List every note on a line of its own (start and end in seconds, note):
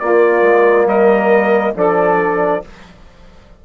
0.00 1.75 A#3
0.00 0.42 A#3
0.00 0.87 F4
0.00 0.87 D5
0.42 0.86 G#3
0.86 1.73 G3
0.86 1.74 A#4
0.86 1.76 D#5
1.75 2.63 F3
1.75 2.62 D4
1.75 2.64 A4
1.75 2.65 D5